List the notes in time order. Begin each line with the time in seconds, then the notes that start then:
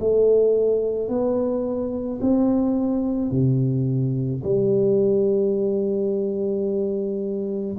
0.00 A3
1.09 B3
2.22 C4
3.31 C3
4.44 G3